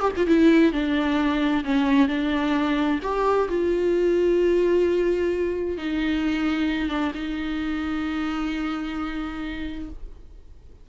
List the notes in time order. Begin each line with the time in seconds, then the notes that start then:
0.00 G4
0.16 F4
0.26 E4
0.72 D4
1.64 C#4
2.08 D4
3.02 G4
3.49 F4
5.77 D#4
6.89 D4
7.14 D#4